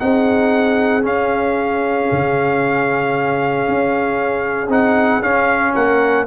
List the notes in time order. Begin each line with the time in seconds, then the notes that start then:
0.00 C4 D#4 G#4 F#5
1.02 C#4 F5
2.12 C#3
3.68 C#4
4.69 C4 D#4 F#5
5.22 C#4 F5
5.74 A#3 A#4 F#5